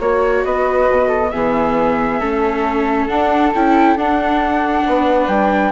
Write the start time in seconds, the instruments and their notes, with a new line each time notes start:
0.00 bassoon A#3, viola F#4, flute C#5
0.45 bassoon B3, flute B4 D#5
0.90 bassoon B2
1.08 flute A4
1.31 bassoon E3, viola B3, flute G#4 E5
2.20 bassoon A3, viola C#4, flute A4
3.08 bassoon D4, viola D4, flute F#5
3.55 bassoon C#4, viola E4, flute G5
3.96 bassoon D4, viola D4, flute F#5
4.86 bassoon B3, flute B4
5.28 bassoon G3, flute G5